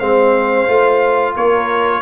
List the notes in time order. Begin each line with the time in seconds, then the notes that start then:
0.00 G#3 C4 C5 F5
0.68 A3 F4
1.36 A#3 A#4 C#5